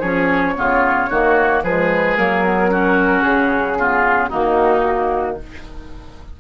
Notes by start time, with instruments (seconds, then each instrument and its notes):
0.00 bassoon F3, clarinet C#4, oboe G#4, flute C#5
0.55 bassoon C#3, clarinet B3, oboe F4
1.10 bassoon D#3, clarinet A#3, oboe F#4
1.63 bassoon F3, clarinet G#3, oboe G#4, flute B4
2.17 bassoon F#3, clarinet A#3, flute A#4
2.44 clarinet B3
2.70 clarinet C#4, oboe F#4
3.22 bassoon C#3, flute G#4
3.79 clarinet B3, oboe F4
4.29 bassoon D#3, clarinet A#3, oboe D#4, flute F#4